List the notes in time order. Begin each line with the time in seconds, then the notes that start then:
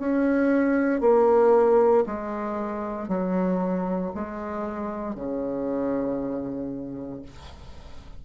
0.00 C#4
1.01 A#3
2.06 G#3
3.08 F#3
4.15 G#3
5.15 C#3